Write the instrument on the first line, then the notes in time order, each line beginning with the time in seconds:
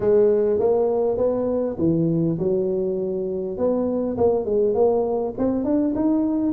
tuba
0.00 G#3
0.59 A#3
1.17 B3
1.78 E3
2.38 F#3
3.57 B3
4.17 A#3
4.45 G#3
4.74 A#3
5.38 C4
5.64 D4
5.95 D#4